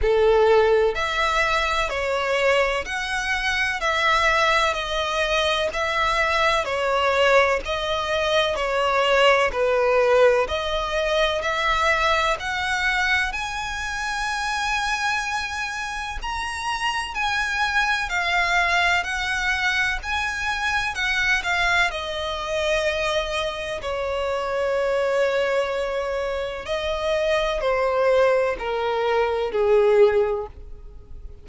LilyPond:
\new Staff \with { instrumentName = "violin" } { \time 4/4 \tempo 4 = 63 a'4 e''4 cis''4 fis''4 | e''4 dis''4 e''4 cis''4 | dis''4 cis''4 b'4 dis''4 | e''4 fis''4 gis''2~ |
gis''4 ais''4 gis''4 f''4 | fis''4 gis''4 fis''8 f''8 dis''4~ | dis''4 cis''2. | dis''4 c''4 ais'4 gis'4 | }